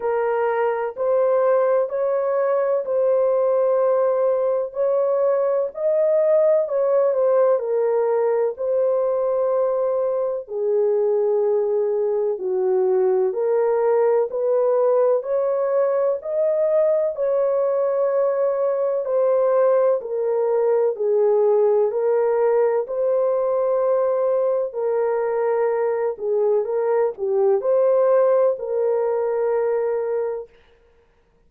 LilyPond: \new Staff \with { instrumentName = "horn" } { \time 4/4 \tempo 4 = 63 ais'4 c''4 cis''4 c''4~ | c''4 cis''4 dis''4 cis''8 c''8 | ais'4 c''2 gis'4~ | gis'4 fis'4 ais'4 b'4 |
cis''4 dis''4 cis''2 | c''4 ais'4 gis'4 ais'4 | c''2 ais'4. gis'8 | ais'8 g'8 c''4 ais'2 | }